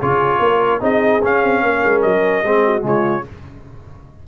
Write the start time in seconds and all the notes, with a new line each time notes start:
0.00 C#3 F4 G#4 C#5
0.40 A#3 A#4
0.80 C4 D#4 G#4 D#5
1.23 C#4 F5
1.43 C4
1.63 A#3 A#4
1.84 G#3
2.02 F#3 D#5
2.43 G#3 C4 G#4
2.65 F#4
2.81 C#3 G#3 F4 C#5